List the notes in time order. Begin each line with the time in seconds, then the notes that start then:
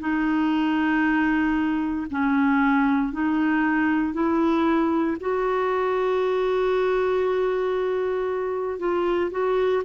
0.00 D#4
2.11 C#4
3.13 D#4
4.14 E4
5.21 F#4
8.79 F4
9.32 F#4